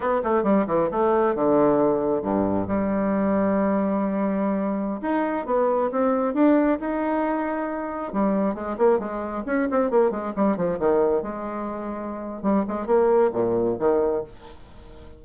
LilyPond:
\new Staff \with { instrumentName = "bassoon" } { \time 4/4 \tempo 4 = 135 b8 a8 g8 e8 a4 d4~ | d4 g,4 g2~ | g2.~ g16 dis'8.~ | dis'16 b4 c'4 d'4 dis'8.~ |
dis'2~ dis'16 g4 gis8 ais16~ | ais16 gis4 cis'8 c'8 ais8 gis8 g8 f16~ | f16 dis4 gis2~ gis8. | g8 gis8 ais4 ais,4 dis4 | }